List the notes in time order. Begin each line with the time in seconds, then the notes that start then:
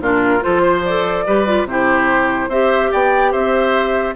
0.00 A#2 D4 F4 A#4
0.40 F4 A4 C5
0.46 F3
0.62 C5
0.85 A4 D5
1.26 G3 G4 B4
1.47 F4
1.65 C3 E4 G4 C5
2.48 C4 G4 C5 E5
2.91 B3 D5 G5
3.32 C4 C5 E5